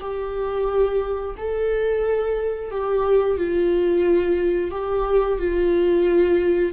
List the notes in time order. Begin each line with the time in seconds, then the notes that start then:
0.00 G4
1.37 A4
2.71 G4
3.37 F4
4.71 G4
5.38 F4